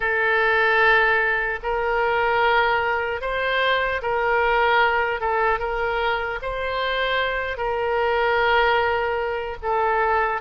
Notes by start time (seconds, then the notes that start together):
0.00 A4
1.63 A#4
3.21 C5
4.02 A#4
5.20 A4
5.59 A#4
6.41 C5
7.57 A#4
9.62 A4